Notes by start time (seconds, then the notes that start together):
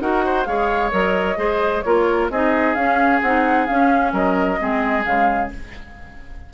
0.00 D#4 F#4 A#4 F#5
0.25 C5
0.45 G#3 G#4 C#5 F5
0.91 F#3 A#4 D#5
1.37 G#3 G#4 C5
1.82 A#3 F4 A#4 C#5
2.30 C4 D#4 G#4 D#5
2.74 C#4 F5
3.21 C4 D#4 F#5
3.67 C#4 F5
4.13 F#3 A#4 D#5
4.58 G#3 C4 G#4
5.04 C#3 G#3 F5